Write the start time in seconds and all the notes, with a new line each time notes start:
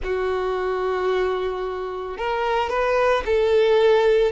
0.03 F#4
2.17 A#4
2.69 B4
3.25 A4